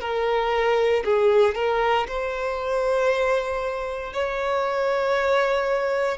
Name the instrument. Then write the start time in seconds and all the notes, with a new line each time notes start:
violin
0.00 A#4
1.04 G#4
1.55 A#4
2.07 C5
4.13 C#5